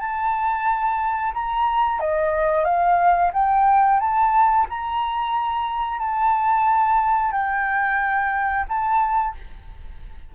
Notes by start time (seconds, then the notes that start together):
0.00 A5
1.34 A#5
2.00 D#5
2.65 F5
3.33 G5
4.00 A5
4.70 A#5
5.99 A5
7.32 G5
8.69 A5